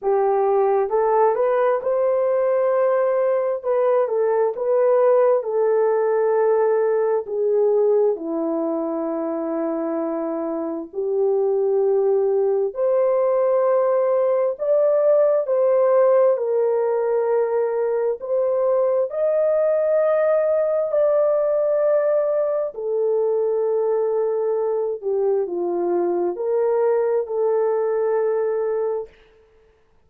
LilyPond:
\new Staff \with { instrumentName = "horn" } { \time 4/4 \tempo 4 = 66 g'4 a'8 b'8 c''2 | b'8 a'8 b'4 a'2 | gis'4 e'2. | g'2 c''2 |
d''4 c''4 ais'2 | c''4 dis''2 d''4~ | d''4 a'2~ a'8 g'8 | f'4 ais'4 a'2 | }